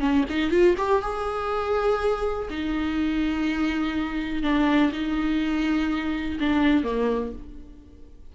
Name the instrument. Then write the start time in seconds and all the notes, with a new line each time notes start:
viola
0.00 C#4
0.29 D#4
0.51 F4
0.78 G4
1.02 G#4
2.50 D#4
4.43 D4
4.92 D#4
6.40 D4
6.84 A#3